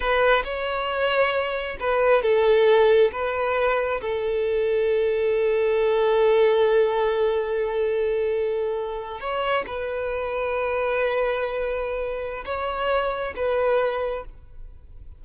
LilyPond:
\new Staff \with { instrumentName = "violin" } { \time 4/4 \tempo 4 = 135 b'4 cis''2. | b'4 a'2 b'4~ | b'4 a'2.~ | a'1~ |
a'1~ | a'8. cis''4 b'2~ b'16~ | b'1 | cis''2 b'2 | }